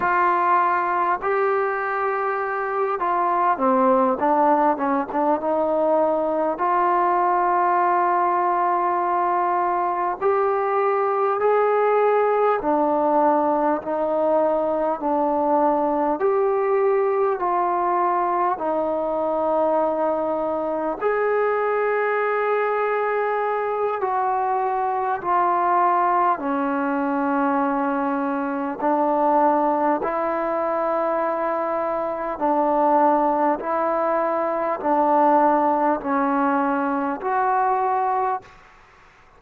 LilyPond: \new Staff \with { instrumentName = "trombone" } { \time 4/4 \tempo 4 = 50 f'4 g'4. f'8 c'8 d'8 | cis'16 d'16 dis'4 f'2~ f'8~ | f'8 g'4 gis'4 d'4 dis'8~ | dis'8 d'4 g'4 f'4 dis'8~ |
dis'4. gis'2~ gis'8 | fis'4 f'4 cis'2 | d'4 e'2 d'4 | e'4 d'4 cis'4 fis'4 | }